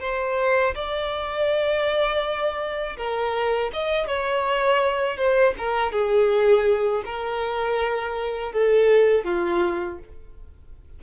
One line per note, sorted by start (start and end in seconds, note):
0.00 0.74 C5
0.75 2.97 D5
2.97 3.71 A#4
3.73 4.07 D#5
4.07 5.17 C#5
5.17 5.54 C5
5.58 5.92 A#4
5.92 7.03 G#4
7.05 8.53 A#4
8.53 9.25 A4
9.25 9.99 F4